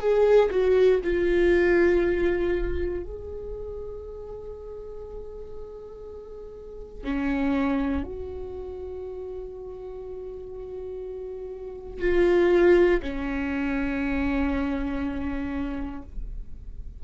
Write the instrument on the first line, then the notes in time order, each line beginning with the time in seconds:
viola
0.00 G#4
0.51 F#4
1.04 F4
3.04 G#4
7.04 C#4
8.04 F#4
12.01 F4
13.03 C#4